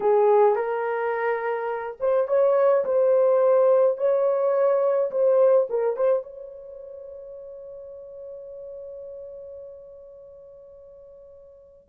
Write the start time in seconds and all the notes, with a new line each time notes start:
0.00 G#4
0.55 A#4
2.00 C5
2.27 C#5
2.84 C5
3.97 C#5
5.11 C5
5.69 A#4
5.96 C5
6.23 C#5